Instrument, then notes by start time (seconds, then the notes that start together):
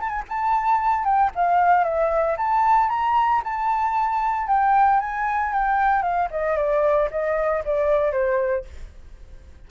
flute
0.00 A5
0.09 G#5
0.28 A5
1.04 G5
1.35 F5
1.83 E5
2.37 A5
2.89 A#5
3.43 A5
4.47 G5
5.00 G#5
5.52 G5
6.02 F5
6.30 D#5
6.56 D5
7.10 D#5
7.65 D5
8.12 C5